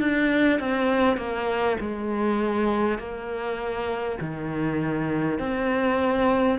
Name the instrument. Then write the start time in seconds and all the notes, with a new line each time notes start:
cello
0.00 D4
0.59 C4
1.17 A#3
1.81 G#3
2.99 A#3
4.21 D#3
5.39 C4